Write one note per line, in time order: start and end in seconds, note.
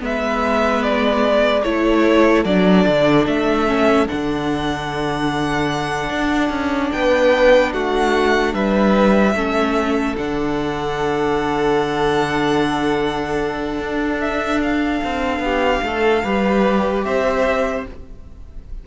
0.00 1.65 G#3
0.00 1.62 B3
0.00 1.64 B4
0.00 0.83 E5
0.83 1.63 D5
1.63 2.45 A3
1.63 2.46 E4
1.63 6.91 A4
1.63 2.44 C#5
2.45 2.85 F#3
2.45 3.67 D4
2.45 3.26 D5
2.87 3.26 D3
3.26 4.07 A3
3.26 4.08 E5
3.67 4.07 C#4
4.08 6.10 D3
4.08 9.35 D4
4.08 6.92 F#5
6.10 6.49 D4
6.49 6.90 C#4
6.92 7.73 B3
6.92 7.73 B4
6.92 7.73 G5
7.73 8.54 A3
7.73 8.54 F#4
7.73 8.54 F#5
8.54 9.34 G3
8.54 9.35 B4
8.54 10.17 E5
9.34 10.15 A3
9.34 10.17 C#4
9.34 15.43 A4
10.17 13.79 D3
10.17 16.24 D4
10.17 14.21 F#5
13.79 15.01 D4
14.21 14.61 E5
14.62 17.03 F5
15.04 15.39 C4
15.39 15.80 B3
15.39 15.84 G4
15.82 16.23 A3
15.82 16.23 A4
16.23 17.05 G3
16.23 17.87 G4
16.23 17.05 B4
17.03 17.86 C4
17.03 17.87 C5
17.03 17.84 E5